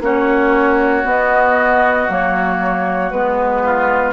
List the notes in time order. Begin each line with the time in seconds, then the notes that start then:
0.00 A#3 C#4 F#4 C#5
1.04 B3 D#5
2.08 F#3 A#3 C#5
3.11 G#3 B3 B4
3.62 F4